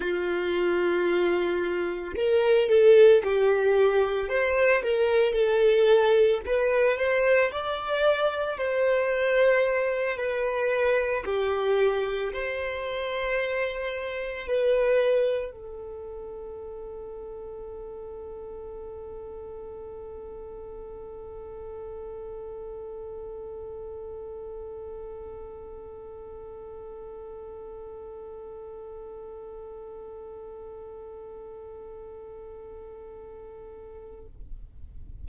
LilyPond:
\new Staff \with { instrumentName = "violin" } { \time 4/4 \tempo 4 = 56 f'2 ais'8 a'8 g'4 | c''8 ais'8 a'4 b'8 c''8 d''4 | c''4. b'4 g'4 c''8~ | c''4. b'4 a'4.~ |
a'1~ | a'1~ | a'1~ | a'1 | }